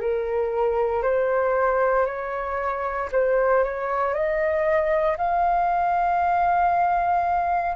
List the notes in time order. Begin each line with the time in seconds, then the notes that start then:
0.00 A#4
1.02 C5
2.05 C#5
3.11 C5
3.63 C#5
4.13 D#5
5.17 F5